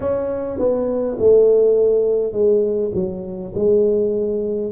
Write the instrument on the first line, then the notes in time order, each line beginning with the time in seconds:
tuba
0.00 C#4
0.58 B3
1.19 A3
2.32 G#3
2.94 F#3
3.55 G#3